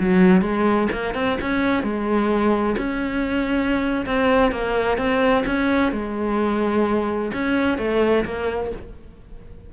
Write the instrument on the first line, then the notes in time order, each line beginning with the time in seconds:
cello
0.00 F#3
0.42 G#3
0.92 A#3
1.15 C4
1.41 C#4
1.84 G#3
2.78 C#4
4.06 C4
4.52 A#3
4.98 C4
5.46 C#4
5.92 G#3
7.33 C#4
7.78 A3
8.25 A#3